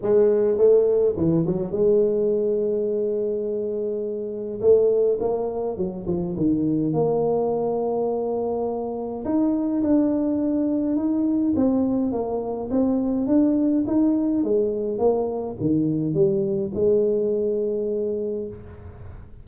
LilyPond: \new Staff \with { instrumentName = "tuba" } { \time 4/4 \tempo 4 = 104 gis4 a4 e8 fis8 gis4~ | gis1 | a4 ais4 fis8 f8 dis4 | ais1 |
dis'4 d'2 dis'4 | c'4 ais4 c'4 d'4 | dis'4 gis4 ais4 dis4 | g4 gis2. | }